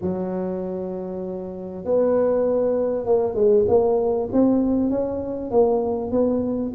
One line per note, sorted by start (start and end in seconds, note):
0.01 1.85 F#3
1.85 3.05 B3
3.05 3.34 A#3
3.34 3.65 G#3
3.68 4.29 A#3
4.32 4.90 C4
4.90 5.50 C#4
5.50 6.11 A#3
6.11 6.72 B3